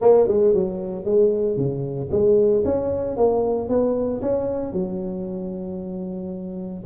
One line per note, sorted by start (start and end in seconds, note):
0.01 0.27 A#3
0.27 0.54 G#3
0.54 1.04 F#3
1.04 1.56 G#3
1.56 2.09 C#3
2.11 2.64 G#3
2.64 3.17 C#4
3.17 3.68 A#3
3.68 4.21 B3
4.21 4.72 C#4
4.72 6.83 F#3